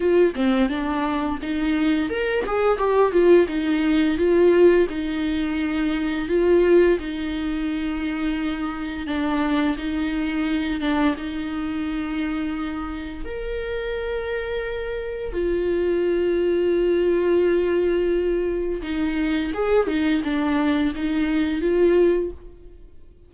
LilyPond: \new Staff \with { instrumentName = "viola" } { \time 4/4 \tempo 4 = 86 f'8 c'8 d'4 dis'4 ais'8 gis'8 | g'8 f'8 dis'4 f'4 dis'4~ | dis'4 f'4 dis'2~ | dis'4 d'4 dis'4. d'8 |
dis'2. ais'4~ | ais'2 f'2~ | f'2. dis'4 | gis'8 dis'8 d'4 dis'4 f'4 | }